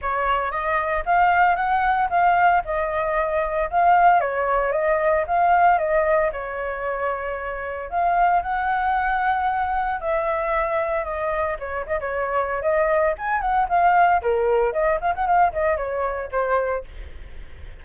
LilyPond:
\new Staff \with { instrumentName = "flute" } { \time 4/4 \tempo 4 = 114 cis''4 dis''4 f''4 fis''4 | f''4 dis''2 f''4 | cis''4 dis''4 f''4 dis''4 | cis''2. f''4 |
fis''2. e''4~ | e''4 dis''4 cis''8 dis''16 cis''4~ cis''16 | dis''4 gis''8 fis''8 f''4 ais'4 | dis''8 f''16 fis''16 f''8 dis''8 cis''4 c''4 | }